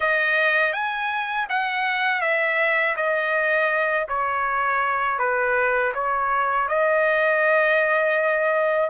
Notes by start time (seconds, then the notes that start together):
0.00 D#5
0.72 G#5
1.49 F#5
2.21 E5
2.96 D#5
4.08 C#5
5.19 B4
5.94 C#5
6.68 D#5